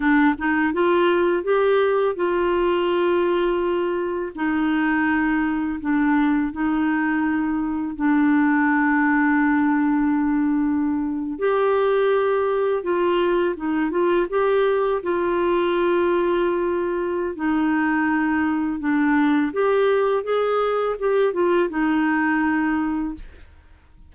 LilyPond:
\new Staff \with { instrumentName = "clarinet" } { \time 4/4 \tempo 4 = 83 d'8 dis'8 f'4 g'4 f'4~ | f'2 dis'2 | d'4 dis'2 d'4~ | d'2.~ d'8. g'16~ |
g'4.~ g'16 f'4 dis'8 f'8 g'16~ | g'8. f'2.~ f'16 | dis'2 d'4 g'4 | gis'4 g'8 f'8 dis'2 | }